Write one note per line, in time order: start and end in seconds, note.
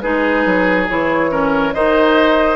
0.00 0.45 G#3
0.00 0.87 D#4
0.00 1.31 G#4
0.00 0.86 B4
0.45 0.88 F#3
0.88 1.74 E3
0.88 1.30 E4
0.88 1.73 C#5
1.30 1.73 C#4
1.30 1.73 A#4
1.73 2.56 D#3
1.73 2.56 D#4
1.73 2.56 C5
1.73 2.56 D#5